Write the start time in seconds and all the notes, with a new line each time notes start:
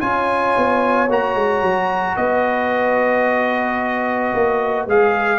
0.00 C#4 F4 C#5 G#5
0.58 B3
1.09 A#3 F#4 A#5
1.35 G#3
1.62 F#3
2.17 B3 B4 D#5
4.34 A#3
4.87 G#3 G#4 F5